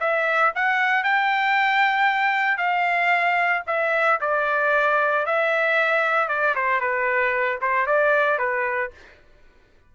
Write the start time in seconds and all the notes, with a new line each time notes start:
0.00 E5
0.55 F#5
1.04 G5
2.58 F5
3.67 E5
4.21 D5
5.26 E5
6.28 D5
6.55 C5
6.80 B4
7.61 C5
7.87 D5
8.38 B4